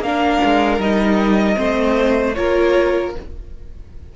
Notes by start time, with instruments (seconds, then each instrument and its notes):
0.00 cello A#3, viola D4, violin A#4 F5
0.45 cello G#3
0.79 cello G3, viola D#4, violin D#5
1.56 cello A3, viola C4, violin C5
2.35 cello A#3, viola F4, violin A#4 C#5